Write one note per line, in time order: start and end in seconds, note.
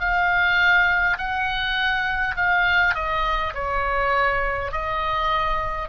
0.00 1.18 F5
1.18 2.35 F#5
2.36 2.94 F5
2.94 3.53 D#5
3.54 4.72 C#5
4.72 5.89 D#5